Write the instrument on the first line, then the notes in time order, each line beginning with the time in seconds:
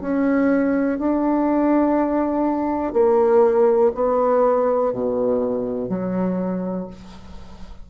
bassoon
0.00 C#4
0.98 D4
2.93 A#3
3.94 B3
4.92 B2
5.88 F#3